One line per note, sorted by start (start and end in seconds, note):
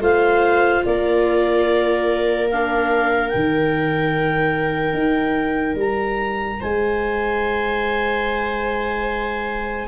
0.00 0.82 A3
0.00 2.47 F4
0.00 0.83 C5
0.00 0.84 F5
0.85 3.32 A#3
0.85 6.59 A#4
0.85 2.49 D5
2.50 3.31 D4
2.50 3.29 F5
3.29 4.93 D#3
3.29 9.88 D#4
3.29 5.75 G5
4.93 5.75 D#4
5.75 6.57 G3
5.75 6.61 A#5
6.59 9.88 G#3
6.59 9.88 C5
6.59 9.88 G#5